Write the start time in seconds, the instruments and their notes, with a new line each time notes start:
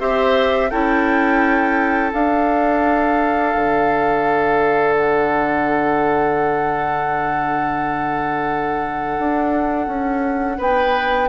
0.00 bassoon C4, clarinet G4, oboe C5, flute E5
0.70 bassoon C#4, clarinet E4, oboe A4, flute G5
2.13 clarinet D4, bassoon D4, flute F5
3.55 bassoon D3
4.96 flute F#5
9.19 bassoon D4
9.87 bassoon C#4
10.58 bassoon B3, oboe B4, flute G5